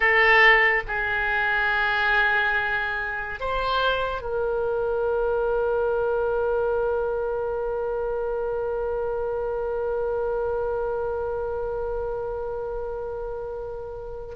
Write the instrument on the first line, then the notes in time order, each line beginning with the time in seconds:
oboe
0.00 A4
0.87 G#4
3.40 C5
4.21 A#4